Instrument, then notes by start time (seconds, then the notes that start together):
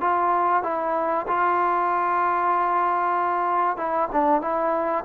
trombone
0.00 F4
0.63 E4
1.27 F4
3.77 E4
4.12 D4
4.41 E4